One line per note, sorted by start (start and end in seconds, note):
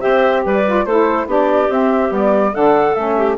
0.00 0.45 C4
0.00 0.63 G4
0.00 0.42 C5
0.00 0.42 E5
0.44 0.85 G3
0.44 0.85 B4
0.44 0.85 D5
0.66 0.87 F4
0.85 1.26 A3
0.85 1.28 E4
0.85 1.27 A4
0.85 1.27 C5
1.26 1.68 B3
1.26 1.70 D4
1.26 2.52 G4
1.26 1.71 D5
1.68 2.10 C4
1.68 2.09 C4
1.68 2.13 E5
2.09 2.53 G3
2.09 2.51 B3
2.09 2.54 D5
2.52 2.96 D3
2.52 2.96 D4
2.52 3.15 A4
2.52 2.94 F#5
2.94 3.37 A3
2.94 3.37 C#4
2.94 3.36 E5
3.16 3.37 G4